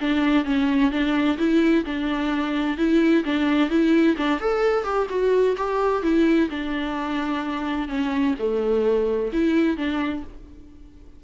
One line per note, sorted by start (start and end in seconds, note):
0.00 0.44 D4
0.44 0.91 C#4
0.91 1.37 D4
1.38 1.84 E4
1.85 2.77 D4
2.77 3.24 E4
3.24 3.70 D4
3.70 4.16 E4
4.17 4.40 D4
4.40 4.84 A4
4.84 5.07 G4
5.09 5.56 F#4
5.57 6.03 G4
6.03 6.49 E4
6.50 7.88 D4
7.88 8.34 C#4
8.38 9.31 A3
9.33 9.77 E4
9.77 10.23 D4